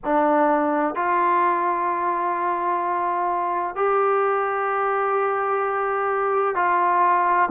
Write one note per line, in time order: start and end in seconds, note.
0.04 0.95 D4
0.95 3.75 F4
3.75 6.55 G4
6.55 7.49 F4